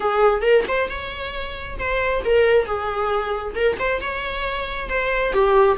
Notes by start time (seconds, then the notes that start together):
0.00 G#4
0.41 A#4
0.68 C5
0.89 C#5
1.78 C5
2.24 A#4
2.65 G#4
3.54 A#4
3.79 C5
4.01 C#5
4.89 C5
5.32 G4